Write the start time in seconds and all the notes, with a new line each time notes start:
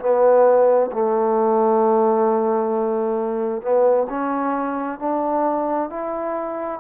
0.00 B3
0.93 A3
3.62 B3
4.10 C#4
5.00 D4
5.90 E4